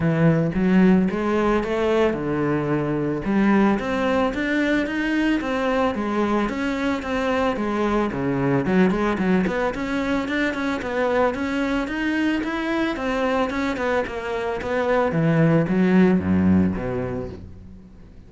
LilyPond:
\new Staff \with { instrumentName = "cello" } { \time 4/4 \tempo 4 = 111 e4 fis4 gis4 a4 | d2 g4 c'4 | d'4 dis'4 c'4 gis4 | cis'4 c'4 gis4 cis4 |
fis8 gis8 fis8 b8 cis'4 d'8 cis'8 | b4 cis'4 dis'4 e'4 | c'4 cis'8 b8 ais4 b4 | e4 fis4 fis,4 b,4 | }